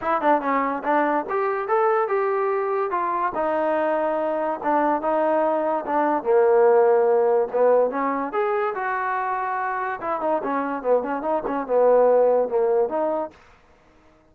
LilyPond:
\new Staff \with { instrumentName = "trombone" } { \time 4/4 \tempo 4 = 144 e'8 d'8 cis'4 d'4 g'4 | a'4 g'2 f'4 | dis'2. d'4 | dis'2 d'4 ais4~ |
ais2 b4 cis'4 | gis'4 fis'2. | e'8 dis'8 cis'4 b8 cis'8 dis'8 cis'8 | b2 ais4 dis'4 | }